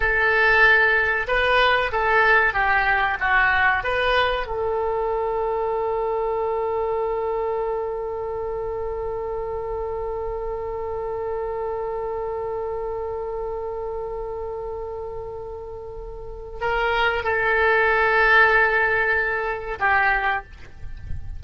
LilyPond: \new Staff \with { instrumentName = "oboe" } { \time 4/4 \tempo 4 = 94 a'2 b'4 a'4 | g'4 fis'4 b'4 a'4~ | a'1~ | a'1~ |
a'1~ | a'1~ | a'2 ais'4 a'4~ | a'2. g'4 | }